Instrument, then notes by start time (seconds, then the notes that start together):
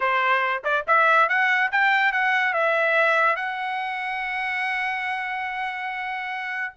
trumpet
0.00 C5
0.64 D5
0.87 E5
1.28 F#5
1.71 G5
2.12 F#5
2.53 E5
3.36 F#5